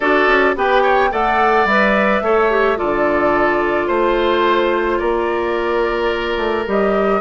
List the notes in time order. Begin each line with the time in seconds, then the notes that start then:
0.00 D4 F#4 A4 D5
0.27 C#4
0.55 B3 G4 B4 G5
0.82 C#5
1.10 A3 A4 D5 F#5
1.64 G3 B4 E5
2.21 A3 A4 C#5
2.50 G4
2.76 D3 F4 A4 D5
3.87 A3 C5
4.98 A#3 A#4 D5
6.37 A3
6.66 G3 G4 D#5